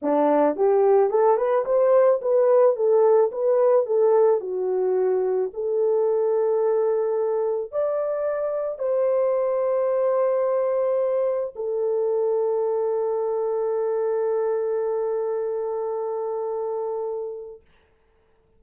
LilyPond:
\new Staff \with { instrumentName = "horn" } { \time 4/4 \tempo 4 = 109 d'4 g'4 a'8 b'8 c''4 | b'4 a'4 b'4 a'4 | fis'2 a'2~ | a'2 d''2 |
c''1~ | c''4 a'2.~ | a'1~ | a'1 | }